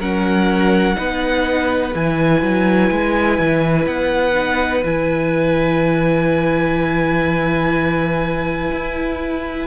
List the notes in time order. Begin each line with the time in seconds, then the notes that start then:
0.00 F#3 C#4 A#4 F#5
0.95 B3 D#4 B4
1.94 E3 E4 G#5
2.43 F#3
2.92 G#3
3.39 E3
3.87 B3 F#5
4.34 D#4
4.84 E3 E4 G#5
8.72 E4